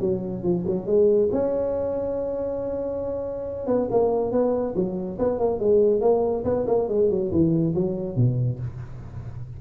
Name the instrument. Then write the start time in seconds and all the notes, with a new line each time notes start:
tuba
0.00 F#3
0.43 F3
0.67 F#3
0.86 G#3
1.32 C#4
3.67 B3
3.91 A#3
4.31 B3
4.75 F#3
5.19 B3
5.39 A#3
5.59 G#3
6.01 A#3
6.44 B3
6.67 A#3
6.88 G#3
7.10 F#3
7.31 E3
7.75 F#3
8.16 B2